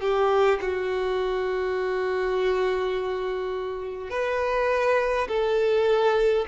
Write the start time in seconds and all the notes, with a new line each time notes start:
0.00 G4
0.61 F#4
4.10 B4
5.28 A4